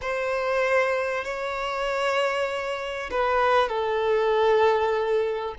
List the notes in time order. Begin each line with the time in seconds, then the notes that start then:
0.01 C5
1.24 C#5
3.11 B4
3.68 A4